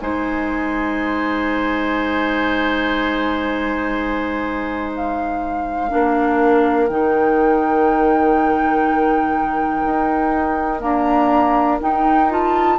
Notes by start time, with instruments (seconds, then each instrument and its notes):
0.00 bassoon G#3, clarinet D#4, oboe C5, flute G#5
4.96 flute F5
5.90 bassoon A#3, clarinet D4, oboe A#4
6.87 bassoon D#3, clarinet D#4, flute G5
9.85 bassoon D#4
10.80 clarinet A#3, bassoon D4, flute A#5
11.80 clarinet D#4, bassoon D#4, flute G5
12.30 clarinet F4, flute A5